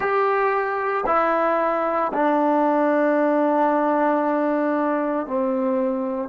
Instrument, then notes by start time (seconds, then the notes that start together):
trombone
0.00 G4
1.06 E4
2.13 D4
5.26 C4